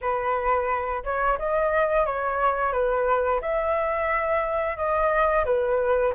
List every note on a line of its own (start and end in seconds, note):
0.01 1.03 B4
1.04 1.38 C#5
1.38 2.06 D#5
2.06 2.72 C#5
2.72 3.40 B4
3.41 4.76 E5
4.76 5.45 D#5
5.45 6.13 B4